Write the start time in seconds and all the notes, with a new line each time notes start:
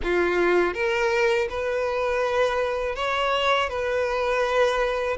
0.03 F4
0.74 A#4
1.49 B4
2.95 C#5
3.69 B4